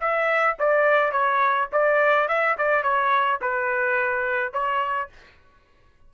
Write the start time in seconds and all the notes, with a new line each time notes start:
0.00 E5
0.59 D5
1.12 C#5
1.72 D5
2.28 E5
2.58 D5
2.83 C#5
3.41 B4
4.53 C#5